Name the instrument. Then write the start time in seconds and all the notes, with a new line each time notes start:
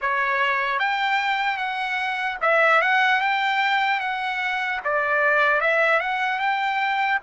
trumpet
0.01 C#5
0.79 G5
1.57 F#5
2.41 E5
2.81 F#5
3.20 G5
4.00 F#5
4.84 D5
5.60 E5
6.00 F#5
6.39 G5